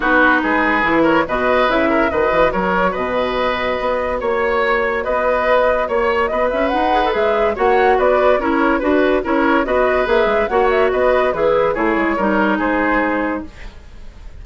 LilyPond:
<<
  \new Staff \with { instrumentName = "flute" } { \time 4/4 \tempo 4 = 143 b'2~ b'8 cis''8 dis''4 | e''4 dis''4 cis''4 dis''4~ | dis''2 cis''2 | dis''2 cis''4 dis''8 e''8 |
fis''4 e''4 fis''4 d''4 | cis''4 b'4 cis''4 dis''4 | e''4 fis''8 e''8 dis''4 b'4 | cis''2 c''2 | }
  \new Staff \with { instrumentName = "oboe" } { \time 4/4 fis'4 gis'4. ais'8 b'4~ | b'8 ais'8 b'4 ais'4 b'4~ | b'2 cis''2 | b'2 cis''4 b'4~ |
b'2 cis''4 b'4 | ais'4 b'4 ais'4 b'4~ | b'4 cis''4 b'4 e'4 | gis'4 ais'4 gis'2 | }
  \new Staff \with { instrumentName = "clarinet" } { \time 4/4 dis'2 e'4 fis'4 | e'4 fis'2.~ | fis'1~ | fis'1~ |
fis'8 gis'16 a'16 gis'4 fis'2 | e'4 fis'4 e'4 fis'4 | gis'4 fis'2 gis'4 | e'4 dis'2. | }
  \new Staff \with { instrumentName = "bassoon" } { \time 4/4 b4 gis4 e4 b,4 | cis4 dis8 e8 fis4 b,4~ | b,4 b4 ais2 | b2 ais4 b8 cis'8 |
dis'4 gis4 ais4 b4 | cis'4 d'4 cis'4 b4 | ais8 gis8 ais4 b4 e4 | a8 gis8 g4 gis2 | }
>>